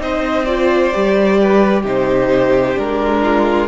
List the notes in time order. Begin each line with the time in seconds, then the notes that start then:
0.00 C4 D#4 C5 D#5
0.46 F4 D5
0.93 G3 G4
1.42 B4
1.83 C3 D#4 G4 C5
2.76 G#3 D4 A#4
3.23 F4